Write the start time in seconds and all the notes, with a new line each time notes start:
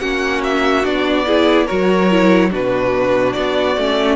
0.00 A#3 C#4 F#4 F#5
0.44 E5
0.84 B3 D4 D5
1.26 E4 G#4
1.66 F#3 F#4 A#4 C#5
2.11 E4
2.50 B2 D4 F#4 B4
3.33 B3 D5
3.77 A3 C#4